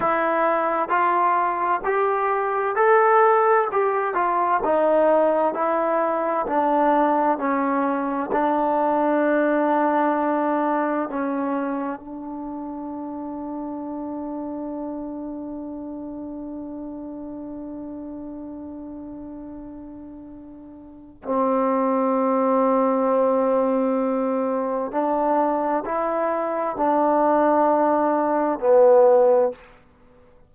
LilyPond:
\new Staff \with { instrumentName = "trombone" } { \time 4/4 \tempo 4 = 65 e'4 f'4 g'4 a'4 | g'8 f'8 dis'4 e'4 d'4 | cis'4 d'2. | cis'4 d'2.~ |
d'1~ | d'2. c'4~ | c'2. d'4 | e'4 d'2 b4 | }